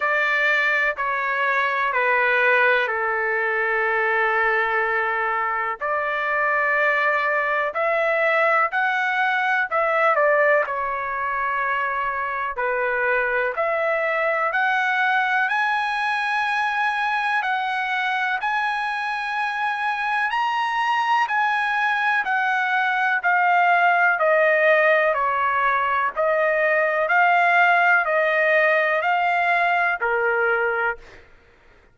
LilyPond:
\new Staff \with { instrumentName = "trumpet" } { \time 4/4 \tempo 4 = 62 d''4 cis''4 b'4 a'4~ | a'2 d''2 | e''4 fis''4 e''8 d''8 cis''4~ | cis''4 b'4 e''4 fis''4 |
gis''2 fis''4 gis''4~ | gis''4 ais''4 gis''4 fis''4 | f''4 dis''4 cis''4 dis''4 | f''4 dis''4 f''4 ais'4 | }